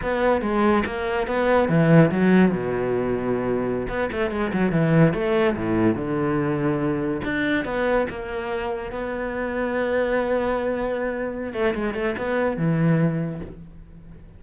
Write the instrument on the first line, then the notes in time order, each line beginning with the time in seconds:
cello
0.02 B3
0.41 G#3
0.85 A#3
1.27 B3
1.69 E3
2.11 F#3
2.51 B2
3.88 B3
4.11 A3
4.30 G#3
4.52 F#3
4.71 E3
5.13 A3
5.55 A2
5.95 D3
7.23 D4
7.64 B3
8.09 A#3
8.91 B3
11.53 A3
11.74 G#3
11.94 A3
12.17 B3
12.57 E3